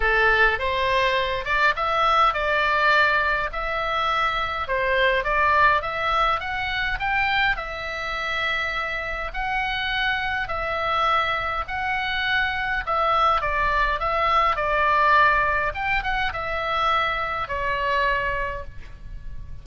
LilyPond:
\new Staff \with { instrumentName = "oboe" } { \time 4/4 \tempo 4 = 103 a'4 c''4. d''8 e''4 | d''2 e''2 | c''4 d''4 e''4 fis''4 | g''4 e''2. |
fis''2 e''2 | fis''2 e''4 d''4 | e''4 d''2 g''8 fis''8 | e''2 cis''2 | }